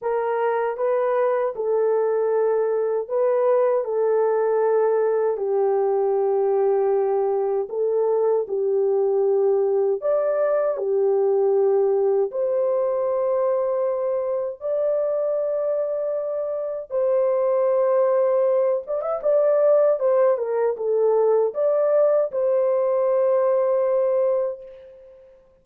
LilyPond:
\new Staff \with { instrumentName = "horn" } { \time 4/4 \tempo 4 = 78 ais'4 b'4 a'2 | b'4 a'2 g'4~ | g'2 a'4 g'4~ | g'4 d''4 g'2 |
c''2. d''4~ | d''2 c''2~ | c''8 d''16 e''16 d''4 c''8 ais'8 a'4 | d''4 c''2. | }